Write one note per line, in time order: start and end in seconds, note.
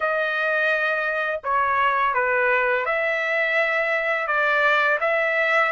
0.00 1.41 D#5
1.43 2.14 C#5
2.14 2.85 B4
2.85 4.27 E5
4.27 4.98 D5
5.00 5.71 E5